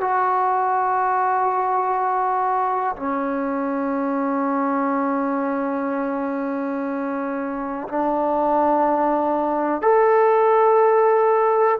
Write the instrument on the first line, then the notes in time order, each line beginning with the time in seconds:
trombone
0.00 F#4
2.96 C#4
7.88 D4
9.81 A4